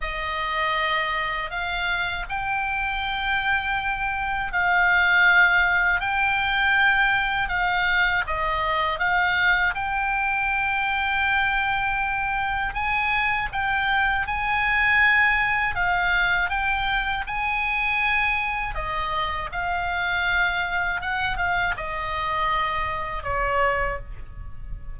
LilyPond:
\new Staff \with { instrumentName = "oboe" } { \time 4/4 \tempo 4 = 80 dis''2 f''4 g''4~ | g''2 f''2 | g''2 f''4 dis''4 | f''4 g''2.~ |
g''4 gis''4 g''4 gis''4~ | gis''4 f''4 g''4 gis''4~ | gis''4 dis''4 f''2 | fis''8 f''8 dis''2 cis''4 | }